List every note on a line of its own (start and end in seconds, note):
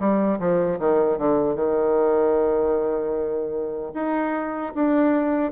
0.00 0.39 G3
0.39 0.79 F3
0.80 1.18 D#3
1.18 1.56 D3
1.56 3.93 D#3
3.94 4.73 D#4
4.75 5.53 D4